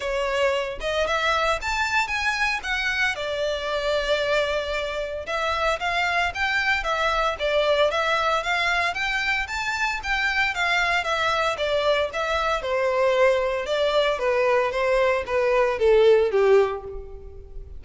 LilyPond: \new Staff \with { instrumentName = "violin" } { \time 4/4 \tempo 4 = 114 cis''4. dis''8 e''4 a''4 | gis''4 fis''4 d''2~ | d''2 e''4 f''4 | g''4 e''4 d''4 e''4 |
f''4 g''4 a''4 g''4 | f''4 e''4 d''4 e''4 | c''2 d''4 b'4 | c''4 b'4 a'4 g'4 | }